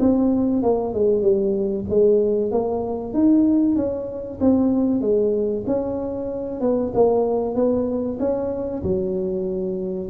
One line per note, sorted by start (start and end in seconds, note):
0.00 0.63 C4
0.63 0.94 A#3
0.94 1.22 G#3
1.22 1.85 G3
1.89 2.51 G#3
2.51 3.13 A#3
3.13 3.76 D#4
3.76 4.39 C#4
4.41 5.01 C4
5.01 5.64 G#3
5.67 6.61 C#4
6.61 6.92 B3
6.94 7.55 A#3
7.55 8.18 B3
8.20 8.83 C#4
8.83 10.10 F#3